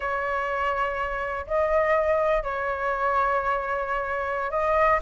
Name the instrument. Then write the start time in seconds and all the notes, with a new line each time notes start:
flute
0.00 C#5
1.46 D#5
2.43 C#5
4.51 D#5